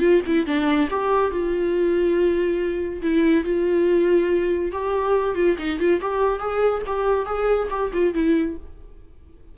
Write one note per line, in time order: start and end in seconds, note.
0.00 0.21 F4
0.27 0.46 E4
0.46 0.89 D4
0.90 1.31 G4
1.31 3.02 F4
3.02 3.44 E4
3.44 4.72 F4
4.72 5.35 G4
5.35 5.57 F4
5.59 5.79 D#4
5.79 6.01 F4
6.01 6.40 G4
6.40 6.82 G#4
6.87 7.26 G4
7.26 7.69 G#4
7.71 7.92 G4
7.93 8.14 F4
8.14 8.57 E4